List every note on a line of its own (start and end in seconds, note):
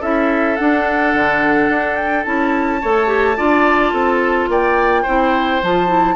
0.00 0.57 C#4
0.00 0.58 E4
0.00 2.80 A4
0.00 0.56 E5
0.56 2.24 D4
0.56 1.14 D4
0.56 1.95 F#5
1.14 1.69 D3
1.69 2.25 D4
1.95 2.23 G5
2.24 2.82 C#4
2.24 2.80 E4
2.24 4.49 A5
2.81 3.39 A3
2.81 3.07 A4
2.81 3.37 C#5
3.07 3.35 G4
3.37 3.93 D4
3.37 5.05 F4
3.37 3.93 D5
3.93 4.48 C4
3.93 4.49 A4
4.48 5.05 A#3
4.48 5.02 D5
4.48 5.63 G5
5.02 5.62 C4
5.02 5.62 E4
5.02 6.14 C5
5.62 6.16 F3
5.62 5.87 F4
5.62 6.16 A5
5.87 6.15 E4